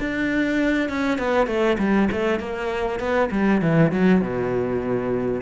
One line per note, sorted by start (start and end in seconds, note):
0.00 0.89 D4
0.89 1.19 C#4
1.19 1.47 B3
1.47 1.77 A3
1.79 2.09 G3
2.12 2.40 A3
2.40 3.00 A#3
3.00 3.30 B3
3.32 3.62 G3
3.62 3.92 E3
3.92 4.21 F#3
4.21 5.42 B2